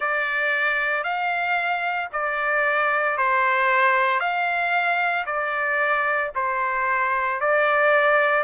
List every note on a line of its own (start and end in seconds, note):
0.00 1.03 D5
1.03 2.09 F5
2.12 3.17 D5
3.17 4.20 C5
4.20 5.25 F5
5.25 6.31 D5
6.35 7.40 C5
7.40 8.43 D5